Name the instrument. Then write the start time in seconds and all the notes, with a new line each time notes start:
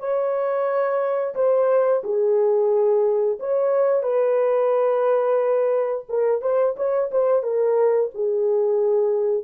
horn
0.00 C#5
1.35 C5
2.04 G#4
3.40 C#5
4.03 B4
6.09 A#4
6.42 C5
6.77 C#5
7.12 C5
7.43 A#4
8.15 G#4